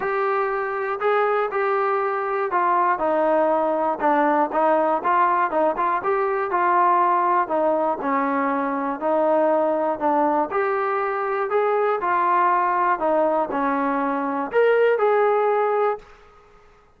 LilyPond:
\new Staff \with { instrumentName = "trombone" } { \time 4/4 \tempo 4 = 120 g'2 gis'4 g'4~ | g'4 f'4 dis'2 | d'4 dis'4 f'4 dis'8 f'8 | g'4 f'2 dis'4 |
cis'2 dis'2 | d'4 g'2 gis'4 | f'2 dis'4 cis'4~ | cis'4 ais'4 gis'2 | }